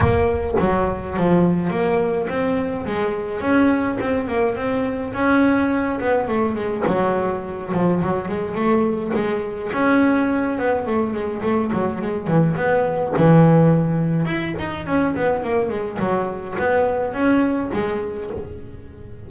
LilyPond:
\new Staff \with { instrumentName = "double bass" } { \time 4/4 \tempo 4 = 105 ais4 fis4 f4 ais4 | c'4 gis4 cis'4 c'8 ais8 | c'4 cis'4. b8 a8 gis8 | fis4. f8 fis8 gis8 a4 |
gis4 cis'4. b8 a8 gis8 | a8 fis8 gis8 e8 b4 e4~ | e4 e'8 dis'8 cis'8 b8 ais8 gis8 | fis4 b4 cis'4 gis4 | }